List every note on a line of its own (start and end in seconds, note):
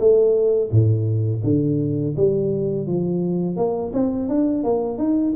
0.00 0.71 A3
0.72 1.43 A2
1.44 2.16 D3
2.17 2.87 G3
2.87 3.57 F3
3.57 3.93 A#3
3.94 4.29 C4
4.29 4.64 D4
4.64 4.98 A#3
4.98 5.34 D#4